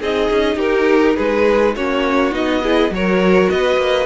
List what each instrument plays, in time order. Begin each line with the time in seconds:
0.00 cello C4, viola D#4, violin G#4 D#5
0.30 cello C#4
0.56 cello D#4, violin G4 A#4
1.15 cello G#3, violin G#4 B4
1.75 cello A#3, viola C#4, violin F#4 C#5
2.32 cello B3, viola D#4, violin D#5
2.62 viola E4, violin G#4
2.90 cello F#3, viola F#4, violin A#4 C#5
3.50 cello B3, violin B4 D#5
3.76 cello A#3